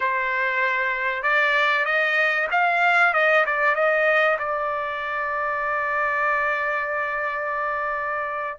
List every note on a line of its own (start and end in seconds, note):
0.00 1.22 C5
1.22 1.85 D5
1.85 2.47 D#5
2.51 3.13 F5
3.13 3.45 D#5
3.45 3.75 D5
3.75 4.38 D#5
4.38 8.59 D5